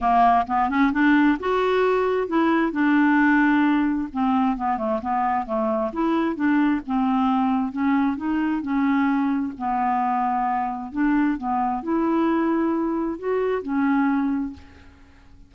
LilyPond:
\new Staff \with { instrumentName = "clarinet" } { \time 4/4 \tempo 4 = 132 ais4 b8 cis'8 d'4 fis'4~ | fis'4 e'4 d'2~ | d'4 c'4 b8 a8 b4 | a4 e'4 d'4 c'4~ |
c'4 cis'4 dis'4 cis'4~ | cis'4 b2. | d'4 b4 e'2~ | e'4 fis'4 cis'2 | }